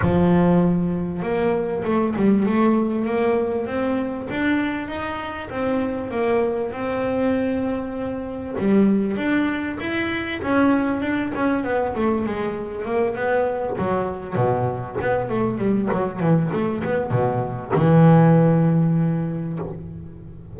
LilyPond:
\new Staff \with { instrumentName = "double bass" } { \time 4/4 \tempo 4 = 98 f2 ais4 a8 g8 | a4 ais4 c'4 d'4 | dis'4 c'4 ais4 c'4~ | c'2 g4 d'4 |
e'4 cis'4 d'8 cis'8 b8 a8 | gis4 ais8 b4 fis4 b,8~ | b,8 b8 a8 g8 fis8 e8 a8 b8 | b,4 e2. | }